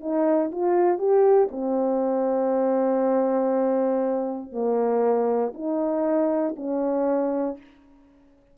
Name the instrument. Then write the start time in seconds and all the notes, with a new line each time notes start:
horn
0.00 D#4
0.51 F4
0.98 G4
1.51 C4
4.52 A#3
5.54 D#4
6.56 C#4